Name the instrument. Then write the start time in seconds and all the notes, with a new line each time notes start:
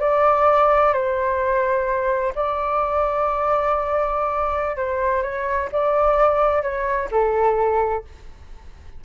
flute
0.00 D5
0.93 C5
2.35 D5
4.76 C5
5.22 C#5
5.72 D5
6.62 C#5
7.11 A4